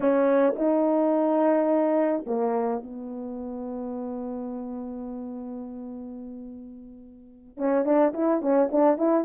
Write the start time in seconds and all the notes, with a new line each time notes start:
0.00 C#4
0.56 D#4
2.26 A#3
2.82 B3
7.57 C#4
7.85 D4
8.13 E4
8.41 C#4
8.71 D4
8.97 E4